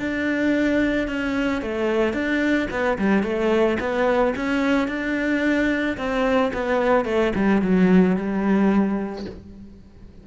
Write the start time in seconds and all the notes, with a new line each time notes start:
0.00 D4
1.08 C#4
1.62 A3
2.14 D4
2.71 B3
2.99 G3
3.24 A3
3.80 B3
4.36 C#4
4.88 D4
5.98 C4
6.54 B3
7.06 A3
7.36 G3
7.62 F#3
8.17 G3